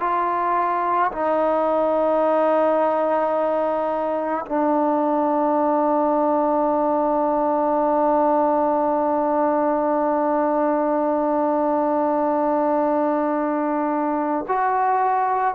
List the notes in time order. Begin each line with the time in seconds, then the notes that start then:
0.00 F4
1.11 D#4
4.45 D4
14.47 F#4